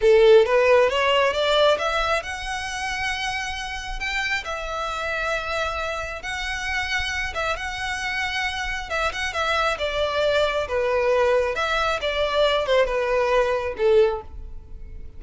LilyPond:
\new Staff \with { instrumentName = "violin" } { \time 4/4 \tempo 4 = 135 a'4 b'4 cis''4 d''4 | e''4 fis''2.~ | fis''4 g''4 e''2~ | e''2 fis''2~ |
fis''8 e''8 fis''2. | e''8 fis''8 e''4 d''2 | b'2 e''4 d''4~ | d''8 c''8 b'2 a'4 | }